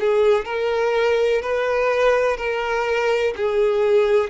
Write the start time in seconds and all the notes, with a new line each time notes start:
0.00 G#4
0.45 A#4
1.42 B4
2.37 A#4
3.36 G#4